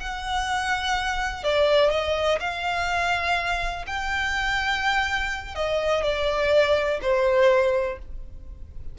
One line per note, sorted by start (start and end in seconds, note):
0.00 1.44 F#5
1.44 1.91 D5
1.91 2.39 D#5
2.40 3.86 F5
3.87 5.55 G5
5.55 6.04 D#5
6.04 7.00 D5
7.02 7.99 C5